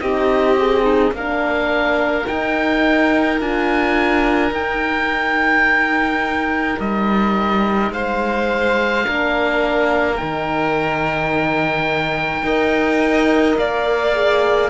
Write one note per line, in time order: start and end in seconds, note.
0.00 1.11 C4
0.00 0.57 D#4
0.00 0.83 G4
0.00 1.13 D#5
0.57 1.14 G#4
0.83 1.12 D#4
1.11 2.24 A#3
1.11 2.25 D4
1.11 7.92 A#4
1.11 2.27 F5
2.25 3.38 D#4
2.25 3.40 D#4
2.25 3.40 G5
3.39 4.51 D4
3.39 4.52 F4
3.39 4.54 G#5
4.51 6.77 D#4
4.51 9.03 D#4
4.51 6.79 G5
6.79 7.91 G3
6.79 7.92 D#5
7.91 9.04 G#3
7.91 9.05 C5
7.91 10.16 F5
9.03 10.21 A#3
9.03 10.17 D4
9.03 12.45 A#4
10.16 12.42 D#3
10.16 12.44 D#4
10.16 13.56 G5
12.42 13.56 D#4
12.42 14.14 A#4
12.42 13.58 D#5
13.57 14.70 A#3
13.57 14.70 D5
13.57 14.70 F5
14.14 14.70 G#4